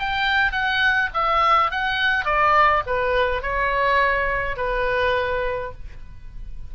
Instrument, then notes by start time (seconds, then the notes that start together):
oboe
0.00 G5
0.52 F#5
1.14 E5
1.72 F#5
2.26 D5
2.87 B4
3.43 C#5
4.57 B4